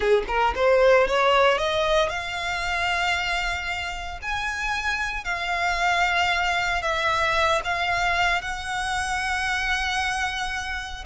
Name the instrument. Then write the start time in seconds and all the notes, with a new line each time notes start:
violin
0.00 G#4
0.27 A#4
0.55 C5
1.07 C#5
1.58 D#5
2.09 F5
4.22 G#5
5.24 F5
6.82 E5
7.64 F5
8.41 F#5